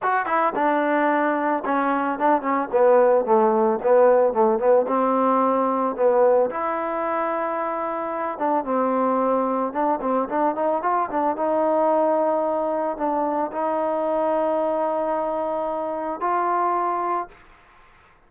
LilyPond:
\new Staff \with { instrumentName = "trombone" } { \time 4/4 \tempo 4 = 111 fis'8 e'8 d'2 cis'4 | d'8 cis'8 b4 a4 b4 | a8 b8 c'2 b4 | e'2.~ e'8 d'8 |
c'2 d'8 c'8 d'8 dis'8 | f'8 d'8 dis'2. | d'4 dis'2.~ | dis'2 f'2 | }